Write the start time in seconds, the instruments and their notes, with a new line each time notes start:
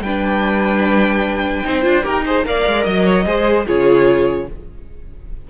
0.00 cello G3, viola D4, violin B4 G5
1.64 cello C4, viola D#4, violin C5
1.82 cello D4, viola F4
2.02 cello D#4, viola G4, violin A#4
2.26 viola G#4, violin C5
2.43 cello A#3, viola A#4, violin D5 F5
2.66 cello G#3
2.83 cello F#3, violin D#5
3.04 violin C#5
3.25 cello G#3, viola G#4, violin C5
3.66 cello C#3, viola F4, violin G#4 C#5